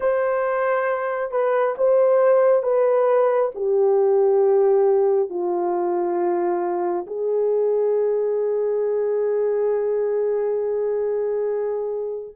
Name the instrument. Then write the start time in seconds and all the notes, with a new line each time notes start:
horn
0.00 C5
1.31 B4
1.77 C5
2.62 B4
3.54 G4
5.29 F4
7.06 G#4